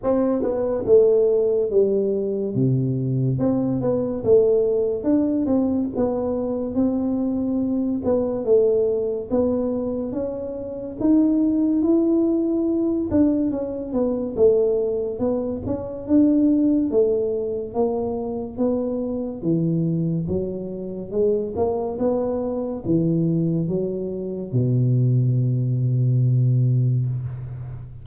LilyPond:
\new Staff \with { instrumentName = "tuba" } { \time 4/4 \tempo 4 = 71 c'8 b8 a4 g4 c4 | c'8 b8 a4 d'8 c'8 b4 | c'4. b8 a4 b4 | cis'4 dis'4 e'4. d'8 |
cis'8 b8 a4 b8 cis'8 d'4 | a4 ais4 b4 e4 | fis4 gis8 ais8 b4 e4 | fis4 b,2. | }